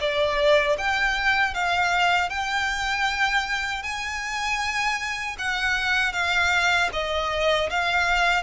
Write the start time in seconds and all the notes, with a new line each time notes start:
0.00 D5
0.78 G5
1.54 F5
2.30 G5
3.83 G#5
5.38 F#5
6.13 F5
6.93 D#5
7.70 F5